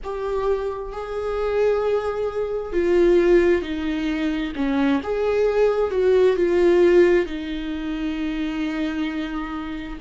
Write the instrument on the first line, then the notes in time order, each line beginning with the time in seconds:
viola
0.03 G4
0.92 G#4
2.73 F4
3.62 D#4
4.55 C#4
5.02 G#4
5.90 F#4
6.36 F4
7.26 D#4